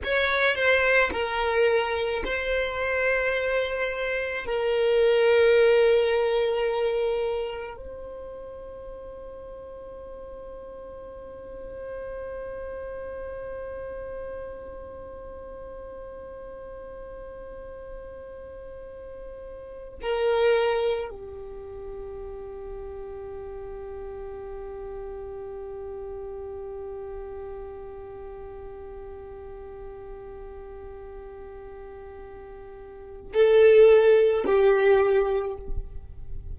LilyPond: \new Staff \with { instrumentName = "violin" } { \time 4/4 \tempo 4 = 54 cis''8 c''8 ais'4 c''2 | ais'2. c''4~ | c''1~ | c''1~ |
c''2 ais'4 g'4~ | g'1~ | g'1~ | g'2 a'4 g'4 | }